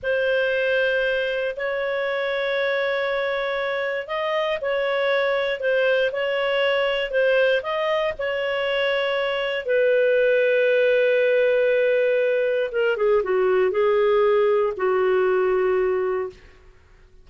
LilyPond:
\new Staff \with { instrumentName = "clarinet" } { \time 4/4 \tempo 4 = 118 c''2. cis''4~ | cis''1 | dis''4 cis''2 c''4 | cis''2 c''4 dis''4 |
cis''2. b'4~ | b'1~ | b'4 ais'8 gis'8 fis'4 gis'4~ | gis'4 fis'2. | }